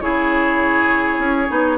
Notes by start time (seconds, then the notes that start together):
0.00 C#3 E4 G#4 C#5
1.18 C#4
1.48 B3 D#4